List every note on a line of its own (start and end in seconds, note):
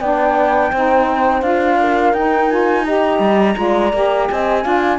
0.00 0.72 B3
0.00 0.73 D4
0.00 0.71 D5
0.00 1.42 G5
0.72 1.42 C4
0.72 1.42 D#4
0.72 1.79 C5
1.42 2.13 D4
1.42 2.13 F4
1.42 2.14 F5
1.80 2.85 A#4
2.13 3.19 D#4
2.13 2.50 D#4
2.13 2.49 G5
2.49 2.85 F4
2.49 2.84 G#5
2.84 3.55 G4
2.84 3.56 D#5
2.84 4.27 A#5
3.19 3.55 G3
3.55 3.93 G#3
3.55 3.91 F4
3.55 4.30 D5
3.93 4.29 A#3
3.93 4.62 G4
4.28 4.65 C4
4.28 4.64 D#5
4.28 4.99 G#5
4.62 4.99 D4
4.62 4.98 F4
4.62 4.99 F5